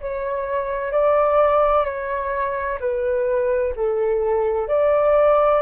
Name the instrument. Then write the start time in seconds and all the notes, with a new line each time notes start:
flute
0.00 C#5
0.91 D5
1.85 C#5
2.80 B4
3.75 A4
4.68 D5